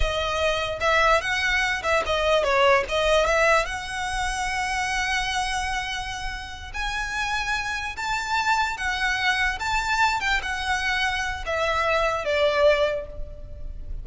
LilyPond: \new Staff \with { instrumentName = "violin" } { \time 4/4 \tempo 4 = 147 dis''2 e''4 fis''4~ | fis''8 e''8 dis''4 cis''4 dis''4 | e''4 fis''2.~ | fis''1~ |
fis''8 gis''2. a''8~ | a''4. fis''2 a''8~ | a''4 g''8 fis''2~ fis''8 | e''2 d''2 | }